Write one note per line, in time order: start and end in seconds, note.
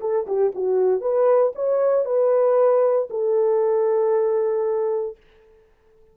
0.00 0.26 A4
0.26 0.52 G4
0.55 1.01 F#4
1.01 1.52 B4
1.55 2.05 C#5
2.05 3.08 B4
3.09 5.16 A4